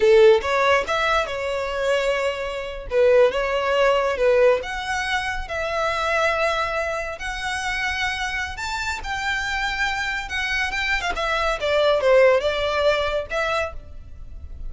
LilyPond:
\new Staff \with { instrumentName = "violin" } { \time 4/4 \tempo 4 = 140 a'4 cis''4 e''4 cis''4~ | cis''2~ cis''8. b'4 cis''16~ | cis''4.~ cis''16 b'4 fis''4~ fis''16~ | fis''8. e''2.~ e''16~ |
e''8. fis''2.~ fis''16 | a''4 g''2. | fis''4 g''8. f''16 e''4 d''4 | c''4 d''2 e''4 | }